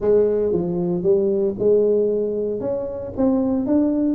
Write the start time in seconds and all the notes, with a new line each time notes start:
0.00 G#3
0.52 F3
1.02 G3
1.58 G#3
2.60 C#4
3.17 C4
3.66 D4